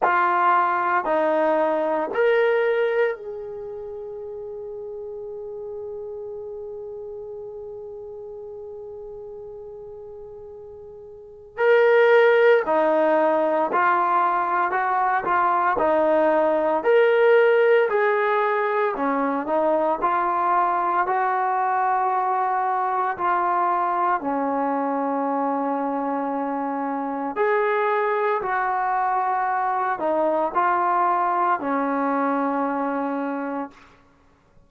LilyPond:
\new Staff \with { instrumentName = "trombone" } { \time 4/4 \tempo 4 = 57 f'4 dis'4 ais'4 gis'4~ | gis'1~ | gis'2. ais'4 | dis'4 f'4 fis'8 f'8 dis'4 |
ais'4 gis'4 cis'8 dis'8 f'4 | fis'2 f'4 cis'4~ | cis'2 gis'4 fis'4~ | fis'8 dis'8 f'4 cis'2 | }